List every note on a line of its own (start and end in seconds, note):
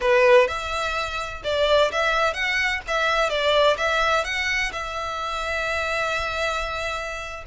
0.00 0.47 B4
0.47 1.42 E5
1.43 1.91 D5
1.91 2.33 E5
2.33 2.80 F#5
2.87 3.29 E5
3.29 3.76 D5
3.77 4.24 E5
4.24 4.71 F#5
4.72 7.44 E5